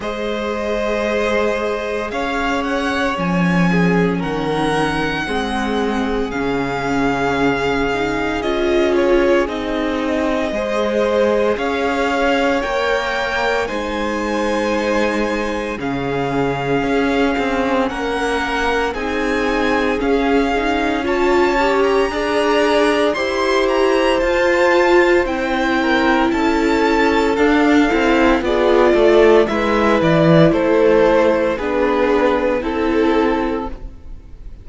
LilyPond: <<
  \new Staff \with { instrumentName = "violin" } { \time 4/4 \tempo 4 = 57 dis''2 f''8 fis''8 gis''4 | fis''2 f''2 | dis''8 cis''8 dis''2 f''4 | g''4 gis''2 f''4~ |
f''4 fis''4 gis''4 f''4 | a''8. ais''4~ ais''16 c'''8 ais''8 a''4 | g''4 a''4 f''4 d''4 | e''8 d''8 c''4 b'4 a'4 | }
  \new Staff \with { instrumentName = "violin" } { \time 4/4 c''2 cis''4. gis'8 | ais'4 gis'2.~ | gis'2 c''4 cis''4~ | cis''4 c''2 gis'4~ |
gis'4 ais'4 gis'2 | cis''4 d''4 c''2~ | c''8 ais'8 a'2 gis'8 a'8 | b'4 a'4 gis'4 a'4 | }
  \new Staff \with { instrumentName = "viola" } { \time 4/4 gis'2. cis'4~ | cis'4 c'4 cis'4. dis'8 | f'4 dis'4 gis'2 | ais'4 dis'2 cis'4~ |
cis'2 dis'4 cis'8 dis'8 | f'8 g'8 gis'4 g'4 f'4 | e'2 d'8 e'8 f'4 | e'2 d'4 e'4 | }
  \new Staff \with { instrumentName = "cello" } { \time 4/4 gis2 cis'4 f4 | dis4 gis4 cis2 | cis'4 c'4 gis4 cis'4 | ais4 gis2 cis4 |
cis'8 c'8 ais4 c'4 cis'4~ | cis'4 d'4 e'4 f'4 | c'4 cis'4 d'8 c'8 b8 a8 | gis8 e8 a4 b4 c'4 | }
>>